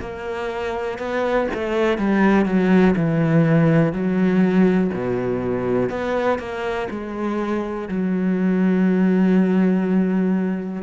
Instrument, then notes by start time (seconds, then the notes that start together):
cello
0.00 A#3
0.98 B3
1.54 A3
1.98 G3
2.45 F#3
2.96 E3
3.92 F#3
4.93 B2
5.89 B3
6.38 A#3
6.90 G#3
7.88 F#3